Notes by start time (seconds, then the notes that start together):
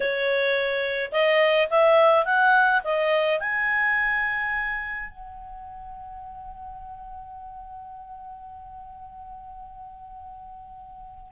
0.00 C#5
1.11 D#5
1.70 E5
2.25 F#5
2.84 D#5
3.40 G#5
5.09 F#5